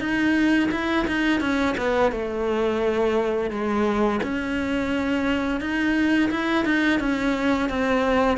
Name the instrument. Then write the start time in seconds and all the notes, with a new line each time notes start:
cello
0.00 D#4
0.72 E4
1.08 D#4
1.41 C#4
1.77 B3
2.12 A3
3.51 G#3
4.23 C#4
5.61 D#4
6.31 E4
6.65 D#4
7.00 C#4
7.69 C4